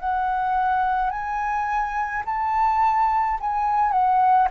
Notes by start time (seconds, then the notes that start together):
0.00 F#5
1.10 G#5
2.25 A5
3.41 G#5
3.92 F#5